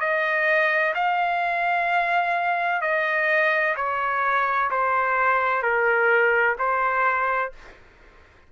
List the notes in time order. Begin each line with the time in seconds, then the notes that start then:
0.00 D#5
0.95 F5
2.81 D#5
3.76 C#5
4.70 C5
5.62 A#4
6.58 C5